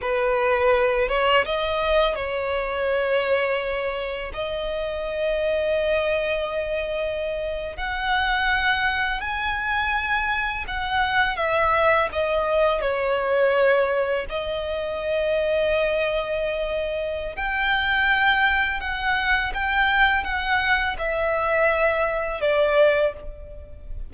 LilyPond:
\new Staff \with { instrumentName = "violin" } { \time 4/4 \tempo 4 = 83 b'4. cis''8 dis''4 cis''4~ | cis''2 dis''2~ | dis''2~ dis''8. fis''4~ fis''16~ | fis''8. gis''2 fis''4 e''16~ |
e''8. dis''4 cis''2 dis''16~ | dis''1 | g''2 fis''4 g''4 | fis''4 e''2 d''4 | }